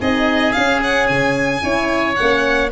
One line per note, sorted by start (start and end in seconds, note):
0.00 0.55 C4
0.00 0.54 D#4
0.00 1.62 G#4
0.00 0.52 D#5
0.52 1.61 C#4
0.52 1.09 C#4
0.52 0.79 F5
0.83 1.06 F#5
1.06 1.63 C#3
1.06 2.15 G#5
1.61 2.17 C#4
1.61 2.15 E4
1.61 2.71 C#5
2.15 2.71 A#3
2.15 2.70 C#4
2.15 2.69 F#5